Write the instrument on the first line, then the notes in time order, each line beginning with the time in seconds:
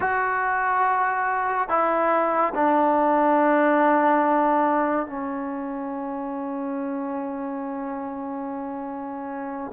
trombone
0.00 F#4
1.68 E4
2.54 D4
5.06 C#4